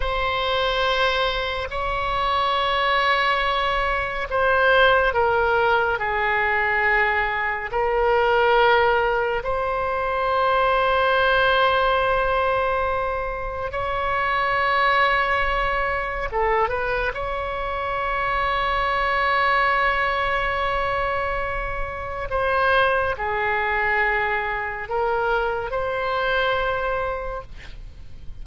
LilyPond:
\new Staff \with { instrumentName = "oboe" } { \time 4/4 \tempo 4 = 70 c''2 cis''2~ | cis''4 c''4 ais'4 gis'4~ | gis'4 ais'2 c''4~ | c''1 |
cis''2. a'8 b'8 | cis''1~ | cis''2 c''4 gis'4~ | gis'4 ais'4 c''2 | }